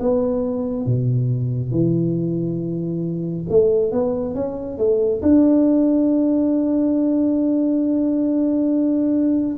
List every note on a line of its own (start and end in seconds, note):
0.00 0.86 B3
0.86 1.71 B2
1.71 3.45 E3
3.49 3.92 A3
3.92 4.34 B3
4.34 4.78 C#4
4.78 5.21 A3
5.22 9.57 D4